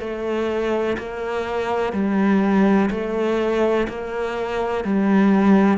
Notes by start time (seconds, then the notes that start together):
0.00 A3
0.98 A#3
1.93 G3
2.90 A3
3.88 A#3
4.84 G3